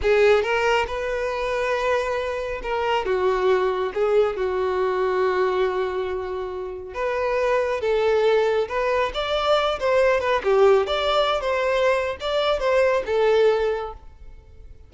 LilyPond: \new Staff \with { instrumentName = "violin" } { \time 4/4 \tempo 4 = 138 gis'4 ais'4 b'2~ | b'2 ais'4 fis'4~ | fis'4 gis'4 fis'2~ | fis'1 |
b'2 a'2 | b'4 d''4. c''4 b'8 | g'4 d''4~ d''16 c''4.~ c''16 | d''4 c''4 a'2 | }